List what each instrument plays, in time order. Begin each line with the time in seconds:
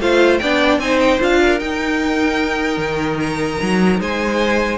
0.00 cello A3, viola F4, violin C5 F5
0.39 cello B3, viola D4, violin D5 G5
0.78 cello C4, viola D#4, violin C5 G#5
0.99 violin G5
1.19 cello D4, viola F4, violin F5
1.41 violin A#4
1.59 viola D#4, cello D#4, violin G5
2.77 cello D#3
3.19 violin A#5
3.62 cello F#3
4.00 cello G#3, violin C5 G#5